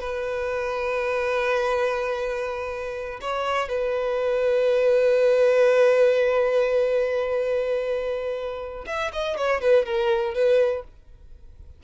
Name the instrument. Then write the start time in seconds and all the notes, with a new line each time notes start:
violin
0.00 B4
3.21 C#5
3.68 B4
8.86 E5
9.13 D#5
9.37 C#5
9.61 B4
9.85 A#4
10.34 B4